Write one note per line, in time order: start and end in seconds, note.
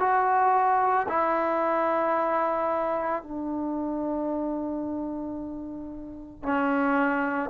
0.00 1.07 F#4
1.09 3.23 E4
3.23 6.43 D4
6.43 7.50 C#4